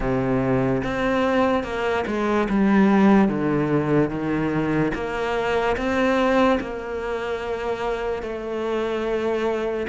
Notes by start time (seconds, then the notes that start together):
0.00 C3
0.83 C4
1.63 A#3
2.06 G#3
2.49 G3
3.28 D3
4.10 D#3
4.94 A#3
5.76 C4
6.60 A#3
8.22 A3